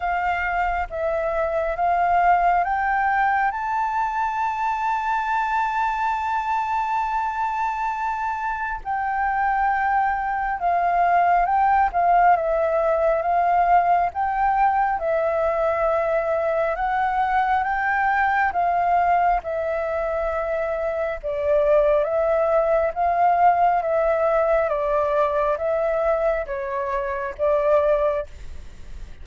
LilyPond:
\new Staff \with { instrumentName = "flute" } { \time 4/4 \tempo 4 = 68 f''4 e''4 f''4 g''4 | a''1~ | a''2 g''2 | f''4 g''8 f''8 e''4 f''4 |
g''4 e''2 fis''4 | g''4 f''4 e''2 | d''4 e''4 f''4 e''4 | d''4 e''4 cis''4 d''4 | }